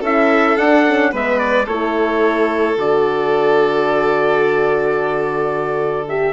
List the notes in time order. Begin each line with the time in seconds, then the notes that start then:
0.00 C#4 E4 A4 E5
0.57 D4 F#5
0.87 C#4
1.11 G#3 B3 B4 E5
1.38 D5
1.65 A3 E4 A4 C#5
2.76 D3 F#4 D5
6.08 G4 E5